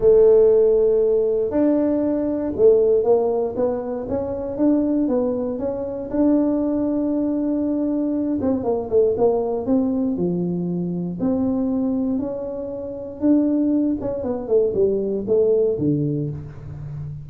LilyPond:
\new Staff \with { instrumentName = "tuba" } { \time 4/4 \tempo 4 = 118 a2. d'4~ | d'4 a4 ais4 b4 | cis'4 d'4 b4 cis'4 | d'1~ |
d'8 c'8 ais8 a8 ais4 c'4 | f2 c'2 | cis'2 d'4. cis'8 | b8 a8 g4 a4 d4 | }